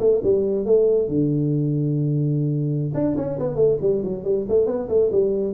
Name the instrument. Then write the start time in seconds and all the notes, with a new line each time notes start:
tuba
0.00 A3
0.24 G3
0.66 A3
1.08 D3
2.94 D4
3.17 C#4
3.40 B3
3.56 A3
3.81 G3
4.04 F#3
4.25 G3
4.49 A3
4.67 B3
4.89 A3
5.12 G3